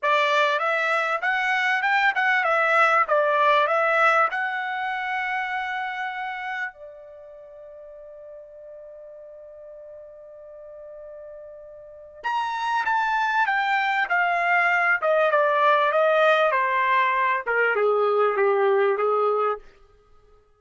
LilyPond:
\new Staff \with { instrumentName = "trumpet" } { \time 4/4 \tempo 4 = 98 d''4 e''4 fis''4 g''8 fis''8 | e''4 d''4 e''4 fis''4~ | fis''2. d''4~ | d''1~ |
d''1 | ais''4 a''4 g''4 f''4~ | f''8 dis''8 d''4 dis''4 c''4~ | c''8 ais'8 gis'4 g'4 gis'4 | }